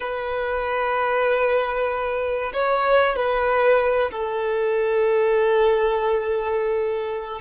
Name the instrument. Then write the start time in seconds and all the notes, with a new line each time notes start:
violin
0.00 B4
2.53 C#5
3.16 B4
4.11 A4